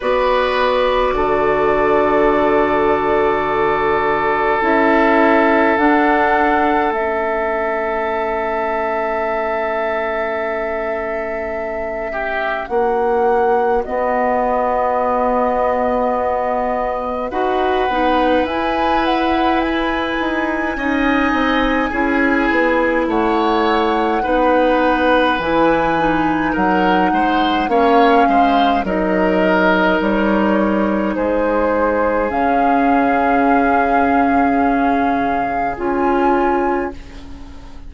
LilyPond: <<
  \new Staff \with { instrumentName = "flute" } { \time 4/4 \tempo 4 = 52 d''1 | e''4 fis''4 e''2~ | e''2. fis''4 | dis''2. fis''4 |
gis''8 fis''8 gis''2. | fis''2 gis''4 fis''4 | f''4 dis''4 cis''4 c''4 | f''2. gis''4 | }
  \new Staff \with { instrumentName = "oboe" } { \time 4/4 b'4 a'2.~ | a'1~ | a'2~ a'8 g'8 fis'4~ | fis'2. b'4~ |
b'2 dis''4 gis'4 | cis''4 b'2 ais'8 c''8 | cis''8 c''8 ais'2 gis'4~ | gis'1 | }
  \new Staff \with { instrumentName = "clarinet" } { \time 4/4 fis'1 | e'4 d'4 cis'2~ | cis'1 | b2. fis'8 dis'8 |
e'2 dis'4 e'4~ | e'4 dis'4 e'8 dis'4. | cis'4 dis'2. | cis'2. f'4 | }
  \new Staff \with { instrumentName = "bassoon" } { \time 4/4 b4 d2. | cis'4 d'4 a2~ | a2. ais4 | b2. dis'8 b8 |
e'4. dis'8 cis'8 c'8 cis'8 b8 | a4 b4 e4 fis8 gis8 | ais8 gis8 fis4 g4 gis4 | cis2. cis'4 | }
>>